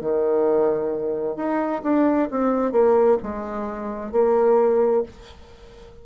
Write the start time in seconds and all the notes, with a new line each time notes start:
0.00 D#3
1.36 D#4
1.83 D4
2.30 C4
2.71 A#3
3.22 G#3
4.12 A#3